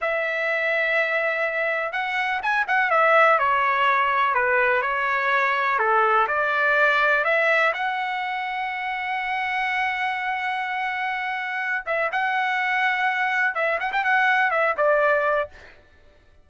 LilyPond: \new Staff \with { instrumentName = "trumpet" } { \time 4/4 \tempo 4 = 124 e''1 | fis''4 gis''8 fis''8 e''4 cis''4~ | cis''4 b'4 cis''2 | a'4 d''2 e''4 |
fis''1~ | fis''1~ | fis''8 e''8 fis''2. | e''8 fis''16 g''16 fis''4 e''8 d''4. | }